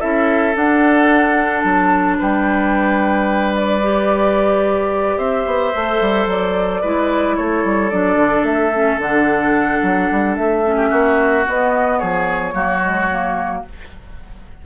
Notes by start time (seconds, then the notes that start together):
0.00 C#4 E4 A4 E5
0.54 D4 F#5
1.61 F#3 A5
2.19 G3 B4 G5
3.56 D5
3.82 G4
5.18 C4 C5 E5
5.46 B3
5.75 A3 A4
6.01 G3
6.27 F#3 D5
6.81 G#3 E4 B4
7.37 A3 A4 C#5
7.64 G3
7.90 F#3 D4 D5
8.16 D3
8.43 A3 E5
8.73 C#4
8.99 D3 D4 F#5
9.83 F#3
10.11 G3
10.36 A3 E5
10.65 C#4
10.76 G4
10.90 A#3 F#4
11.46 B3 D#5
11.99 F3 G#4 C#5
12.52 F#3 A#3 F#4
12.81 G#3
13.12 A#3